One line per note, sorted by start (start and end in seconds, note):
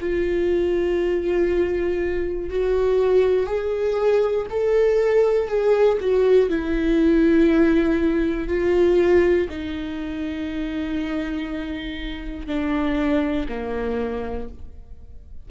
0.00 2.50 F4
2.50 3.46 F#4
3.46 4.46 G#4
4.50 5.48 A4
5.48 5.98 G#4
6.00 6.49 F#4
6.49 8.48 E4
8.48 9.48 F4
9.49 12.47 D#4
12.47 13.47 D4
13.48 14.48 A#3